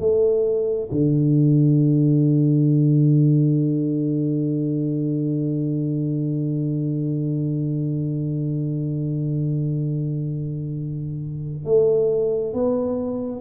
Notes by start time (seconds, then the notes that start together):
0.00 A3
0.91 D3
11.65 A3
12.53 B3